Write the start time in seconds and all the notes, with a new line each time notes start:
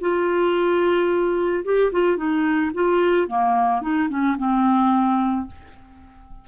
0.00 F4
1.64 G4
1.91 F4
2.16 D#4
2.74 F4
3.27 A#3
3.81 D#4
4.09 C#4
4.37 C4